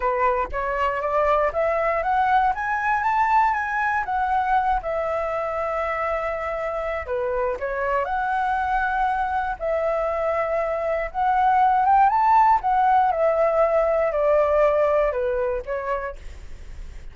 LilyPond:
\new Staff \with { instrumentName = "flute" } { \time 4/4 \tempo 4 = 119 b'4 cis''4 d''4 e''4 | fis''4 gis''4 a''4 gis''4 | fis''4. e''2~ e''8~ | e''2 b'4 cis''4 |
fis''2. e''4~ | e''2 fis''4. g''8 | a''4 fis''4 e''2 | d''2 b'4 cis''4 | }